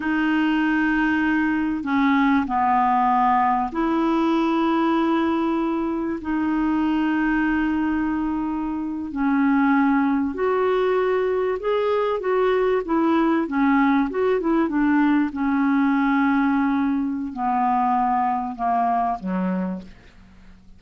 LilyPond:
\new Staff \with { instrumentName = "clarinet" } { \time 4/4 \tempo 4 = 97 dis'2. cis'4 | b2 e'2~ | e'2 dis'2~ | dis'2~ dis'8. cis'4~ cis'16~ |
cis'8. fis'2 gis'4 fis'16~ | fis'8. e'4 cis'4 fis'8 e'8 d'16~ | d'8. cis'2.~ cis'16 | b2 ais4 fis4 | }